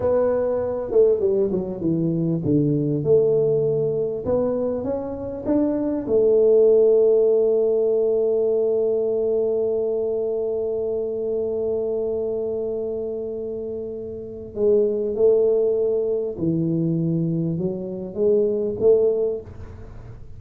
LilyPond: \new Staff \with { instrumentName = "tuba" } { \time 4/4 \tempo 4 = 99 b4. a8 g8 fis8 e4 | d4 a2 b4 | cis'4 d'4 a2~ | a1~ |
a1~ | a1 | gis4 a2 e4~ | e4 fis4 gis4 a4 | }